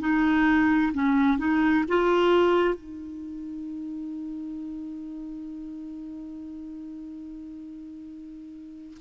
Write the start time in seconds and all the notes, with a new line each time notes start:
0.00 D#4
0.94 C#4
1.38 D#4
1.88 F4
2.75 D#4